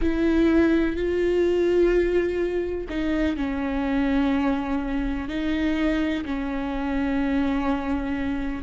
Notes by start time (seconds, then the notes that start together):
0.01 E4
0.95 F4
2.89 D#4
3.36 C#4
5.28 D#4
6.25 C#4